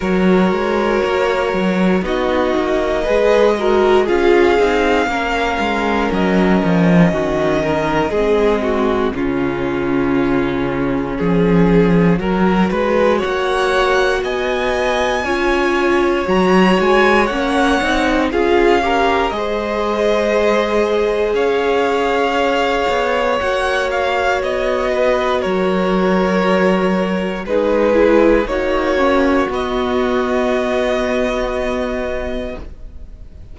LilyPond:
<<
  \new Staff \with { instrumentName = "violin" } { \time 4/4 \tempo 4 = 59 cis''2 dis''2 | f''2 dis''2~ | dis''4 cis''2.~ | cis''4 fis''4 gis''2 |
ais''8 gis''8 fis''4 f''4 dis''4~ | dis''4 f''2 fis''8 f''8 | dis''4 cis''2 b'4 | cis''4 dis''2. | }
  \new Staff \with { instrumentName = "violin" } { \time 4/4 ais'2 fis'4 b'8 ais'8 | gis'4 ais'2 fis'8 ais'8 | gis'8 fis'8 f'2 gis'4 | ais'8 b'8 cis''4 dis''4 cis''4~ |
cis''2 gis'8 ais'8 c''4~ | c''4 cis''2.~ | cis''8 b'8 ais'2 gis'4 | fis'1 | }
  \new Staff \with { instrumentName = "viola" } { \time 4/4 fis'2 dis'4 gis'8 fis'8 | f'8 dis'8 cis'2. | c'4 cis'2. | fis'2. f'4 |
fis'4 cis'8 dis'8 f'8 g'8 gis'4~ | gis'2. fis'4~ | fis'2. dis'8 e'8 | dis'8 cis'8 b2. | }
  \new Staff \with { instrumentName = "cello" } { \time 4/4 fis8 gis8 ais8 fis8 b8 ais8 gis4 | cis'8 c'8 ais8 gis8 fis8 f8 dis4 | gis4 cis2 f4 | fis8 gis8 ais4 b4 cis'4 |
fis8 gis8 ais8 c'8 cis'4 gis4~ | gis4 cis'4. b8 ais4 | b4 fis2 gis4 | ais4 b2. | }
>>